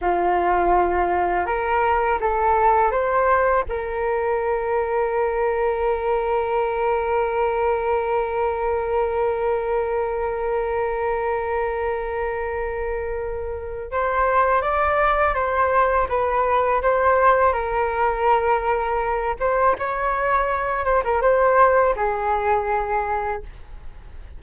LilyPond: \new Staff \with { instrumentName = "flute" } { \time 4/4 \tempo 4 = 82 f'2 ais'4 a'4 | c''4 ais'2.~ | ais'1~ | ais'1~ |
ais'2. c''4 | d''4 c''4 b'4 c''4 | ais'2~ ais'8 c''8 cis''4~ | cis''8 c''16 ais'16 c''4 gis'2 | }